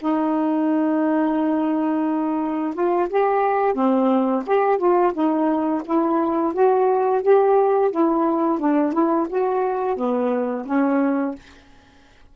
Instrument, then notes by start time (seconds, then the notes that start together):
saxophone
0.00 D#4
2.74 F4
3.09 G4
3.74 C4
4.46 G4
4.78 F4
5.13 D#4
5.85 E4
6.54 F#4
7.22 G4
7.91 E4
8.59 D4
8.93 E4
9.29 F#4
9.96 B3
10.66 C#4